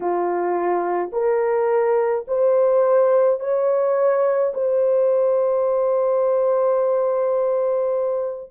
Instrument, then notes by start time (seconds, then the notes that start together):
horn
0.00 F4
1.12 A#4
2.27 C5
3.40 C#5
4.54 C5